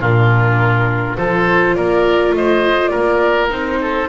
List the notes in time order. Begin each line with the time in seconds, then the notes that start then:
0.00 A#2 D4 F4 A#4
1.17 F3 F4 A4 C5
1.75 A#3 A#4 D5
2.32 A3 C5 D#5
2.87 A#4 D5
2.95 A#3
3.49 C4 D#4 C5
3.81 A4